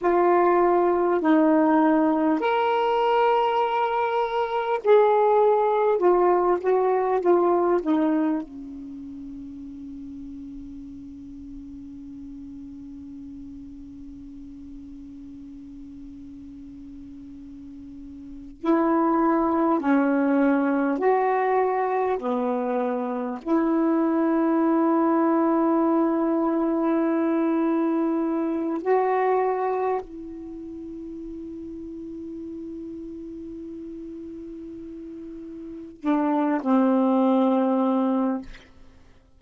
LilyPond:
\new Staff \with { instrumentName = "saxophone" } { \time 4/4 \tempo 4 = 50 f'4 dis'4 ais'2 | gis'4 f'8 fis'8 f'8 dis'8 cis'4~ | cis'1~ | cis'2.~ cis'8 e'8~ |
e'8 cis'4 fis'4 b4 e'8~ | e'1 | fis'4 e'2.~ | e'2 d'8 c'4. | }